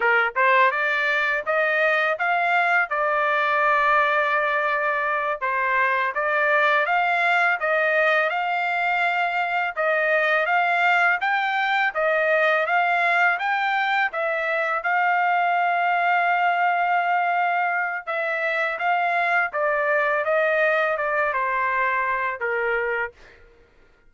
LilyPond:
\new Staff \with { instrumentName = "trumpet" } { \time 4/4 \tempo 4 = 83 ais'8 c''8 d''4 dis''4 f''4 | d''2.~ d''8 c''8~ | c''8 d''4 f''4 dis''4 f''8~ | f''4. dis''4 f''4 g''8~ |
g''8 dis''4 f''4 g''4 e''8~ | e''8 f''2.~ f''8~ | f''4 e''4 f''4 d''4 | dis''4 d''8 c''4. ais'4 | }